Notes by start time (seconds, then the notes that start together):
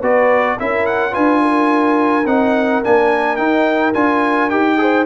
0.00 B3 F#4 B4 D5
0.57 C#4 E4 A#4 E5
0.86 F#5
1.11 D4 F4 B4 G#5
1.41 A#4
2.26 C4 D#4 F#5
2.83 A#3 D4 G#5
3.36 D#4 G5
3.94 D4 F4 G#5
4.50 D#4 G4 G5
4.77 G#4 C5